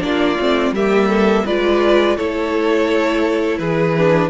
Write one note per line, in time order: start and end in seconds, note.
0.00 0.37 A#3
0.00 0.36 D4
0.00 0.75 F4
0.00 0.74 D5
0.40 0.72 A3
0.40 0.75 C4
0.72 1.43 G3
0.72 1.47 A#3
0.72 1.08 G4
0.72 1.47 E5
1.08 1.44 A4
1.46 2.18 G#3
1.46 2.18 F4
1.46 2.16 B4
1.46 2.18 D5
2.16 3.59 A3
2.16 3.96 E4
2.16 3.59 A4
2.16 3.58 C#5
3.58 4.30 E3
3.58 4.30 G#4
3.58 4.30 B4
3.98 4.30 D4